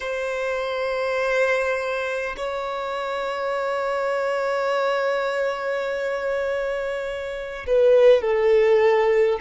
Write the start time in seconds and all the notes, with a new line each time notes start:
0.00 C5
2.36 C#5
7.66 B4
8.21 A4